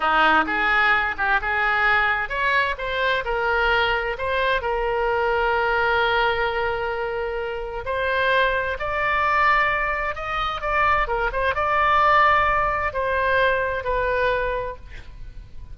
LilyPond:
\new Staff \with { instrumentName = "oboe" } { \time 4/4 \tempo 4 = 130 dis'4 gis'4. g'8 gis'4~ | gis'4 cis''4 c''4 ais'4~ | ais'4 c''4 ais'2~ | ais'1~ |
ais'4 c''2 d''4~ | d''2 dis''4 d''4 | ais'8 c''8 d''2. | c''2 b'2 | }